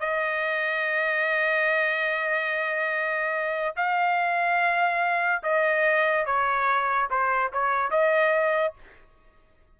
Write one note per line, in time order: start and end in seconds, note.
0.00 3.75 D#5
3.76 5.43 F5
5.43 6.26 D#5
6.26 7.09 C#5
7.10 7.52 C5
7.53 7.91 C#5
7.91 8.74 D#5